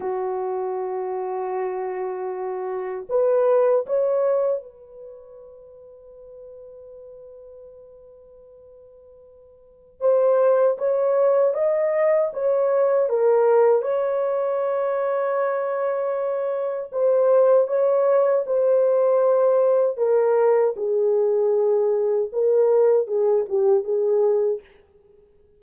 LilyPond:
\new Staff \with { instrumentName = "horn" } { \time 4/4 \tempo 4 = 78 fis'1 | b'4 cis''4 b'2~ | b'1~ | b'4 c''4 cis''4 dis''4 |
cis''4 ais'4 cis''2~ | cis''2 c''4 cis''4 | c''2 ais'4 gis'4~ | gis'4 ais'4 gis'8 g'8 gis'4 | }